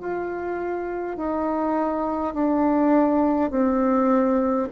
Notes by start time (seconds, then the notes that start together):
0.00 F4
1.17 D#4
2.34 D4
3.50 C4